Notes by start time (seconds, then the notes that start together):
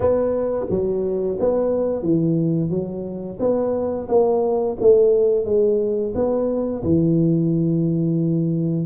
0.00 B3
0.69 F#3
1.39 B3
2.02 E3
2.70 F#3
3.39 B3
4.08 A#3
4.80 A3
5.45 G#3
6.14 B3
6.83 E3